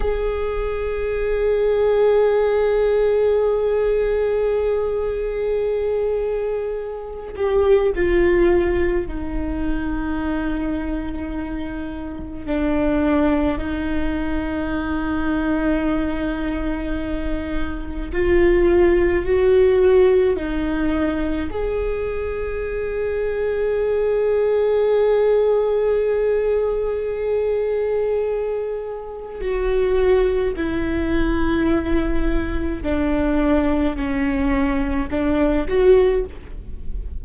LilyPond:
\new Staff \with { instrumentName = "viola" } { \time 4/4 \tempo 4 = 53 gis'1~ | gis'2~ gis'8 g'8 f'4 | dis'2. d'4 | dis'1 |
f'4 fis'4 dis'4 gis'4~ | gis'1~ | gis'2 fis'4 e'4~ | e'4 d'4 cis'4 d'8 fis'8 | }